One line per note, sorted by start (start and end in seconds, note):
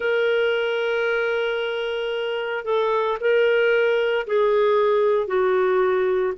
0.00 2.65 A#4
2.65 3.18 A4
3.20 4.26 A#4
4.26 5.27 G#4
5.27 6.33 F#4